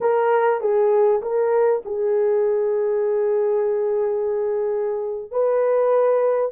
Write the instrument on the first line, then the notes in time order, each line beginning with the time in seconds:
horn
0.01 A#4
0.60 G#4
1.22 A#4
1.85 G#4
5.31 B4